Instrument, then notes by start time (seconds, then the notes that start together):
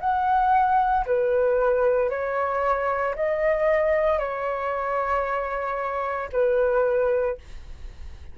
flute
0.00 F#5
1.06 B4
2.10 C#5
3.15 D#5
4.19 C#5
6.33 B4